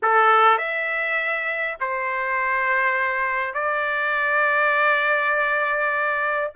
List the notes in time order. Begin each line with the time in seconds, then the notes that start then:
0.02 A4
0.58 E5
1.80 C5
3.53 D5